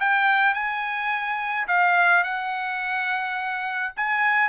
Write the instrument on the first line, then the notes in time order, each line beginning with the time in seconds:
trumpet
0.00 G5
0.54 G#5
1.68 F5
2.24 F#5
3.97 G#5